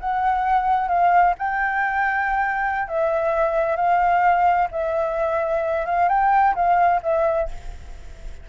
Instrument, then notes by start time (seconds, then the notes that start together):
flute
0.00 F#5
0.89 F5
1.38 G5
2.88 E5
3.76 F5
4.72 E5
5.86 F5
6.09 G5
6.55 F5
7.03 E5